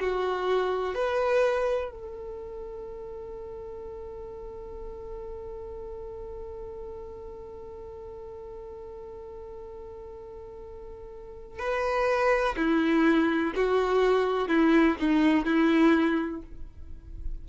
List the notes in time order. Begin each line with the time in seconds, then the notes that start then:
0.00 F#4
0.95 B4
1.91 A4
11.59 B4
12.56 E4
13.55 F#4
14.48 E4
15.00 D#4
15.45 E4